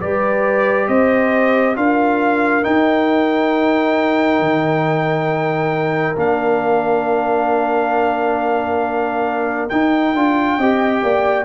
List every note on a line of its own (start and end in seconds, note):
0.00 0.88 G3
0.00 1.75 G4
0.00 0.89 B4
0.00 0.88 D5
0.88 1.76 C4
0.88 1.77 C5
0.88 1.76 D#5
1.75 2.65 D4
1.75 2.63 F4
1.75 10.57 A#4
1.75 2.64 F5
2.63 6.16 D#4
2.63 4.40 D#4
2.63 6.17 G5
4.40 6.16 D#3
6.16 9.69 A#3
6.16 9.70 D4
6.16 9.69 F5
9.69 10.14 D#4
9.69 10.16 D#4
9.69 11.45 G5
10.14 10.58 D4
10.14 10.60 F4
10.57 11.02 C4
10.57 11.45 G4
10.57 11.01 D#5
11.03 11.45 A#3
11.03 11.45 D5